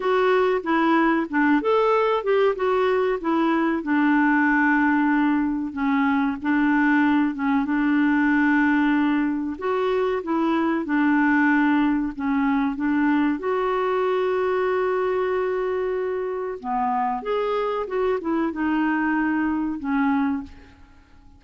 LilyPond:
\new Staff \with { instrumentName = "clarinet" } { \time 4/4 \tempo 4 = 94 fis'4 e'4 d'8 a'4 g'8 | fis'4 e'4 d'2~ | d'4 cis'4 d'4. cis'8 | d'2. fis'4 |
e'4 d'2 cis'4 | d'4 fis'2.~ | fis'2 b4 gis'4 | fis'8 e'8 dis'2 cis'4 | }